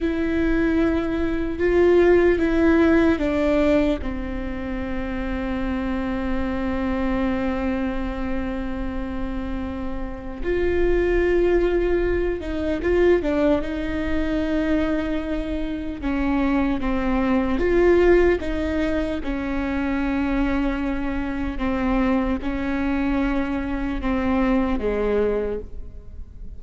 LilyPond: \new Staff \with { instrumentName = "viola" } { \time 4/4 \tempo 4 = 75 e'2 f'4 e'4 | d'4 c'2.~ | c'1~ | c'4 f'2~ f'8 dis'8 |
f'8 d'8 dis'2. | cis'4 c'4 f'4 dis'4 | cis'2. c'4 | cis'2 c'4 gis4 | }